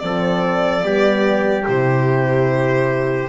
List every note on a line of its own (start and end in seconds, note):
0.00 0.83 F3
0.00 0.83 C4
0.00 0.86 A4
0.00 1.64 D5
0.83 1.65 G3
0.83 1.65 B3
0.83 3.30 G4
1.68 3.30 C3
1.68 3.30 E4
1.68 3.30 C5